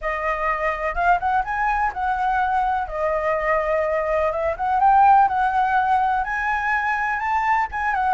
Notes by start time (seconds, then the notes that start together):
0.01 D#5
0.94 F5
1.19 F#5
1.44 G#5
1.93 F#5
2.87 D#5
4.31 E5
4.56 F#5
4.80 G5
5.28 F#5
6.24 G#5
7.19 A5
7.71 G#5
7.94 F#5